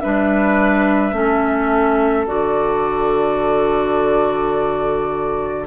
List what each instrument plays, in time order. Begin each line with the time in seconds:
0.00 bassoon G3, clarinet D4, oboe B4, flute E5
1.13 bassoon A3, clarinet C#4, oboe A4
2.27 bassoon D3, clarinet F#4, flute D5